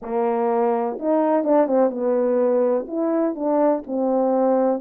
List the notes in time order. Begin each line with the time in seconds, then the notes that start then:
0.01 A#3
0.99 D#4
1.44 D4
1.67 C4
1.90 B3
2.87 E4
3.35 D4
3.86 C4